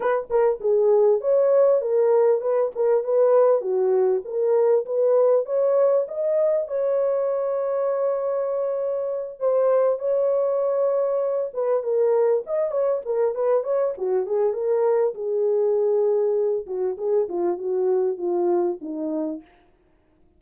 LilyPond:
\new Staff \with { instrumentName = "horn" } { \time 4/4 \tempo 4 = 99 b'8 ais'8 gis'4 cis''4 ais'4 | b'8 ais'8 b'4 fis'4 ais'4 | b'4 cis''4 dis''4 cis''4~ | cis''2.~ cis''8 c''8~ |
c''8 cis''2~ cis''8 b'8 ais'8~ | ais'8 dis''8 cis''8 ais'8 b'8 cis''8 fis'8 gis'8 | ais'4 gis'2~ gis'8 fis'8 | gis'8 f'8 fis'4 f'4 dis'4 | }